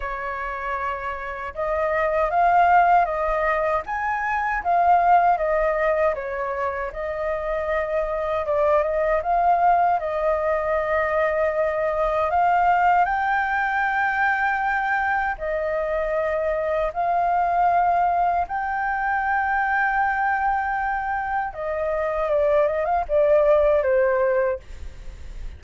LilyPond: \new Staff \with { instrumentName = "flute" } { \time 4/4 \tempo 4 = 78 cis''2 dis''4 f''4 | dis''4 gis''4 f''4 dis''4 | cis''4 dis''2 d''8 dis''8 | f''4 dis''2. |
f''4 g''2. | dis''2 f''2 | g''1 | dis''4 d''8 dis''16 f''16 d''4 c''4 | }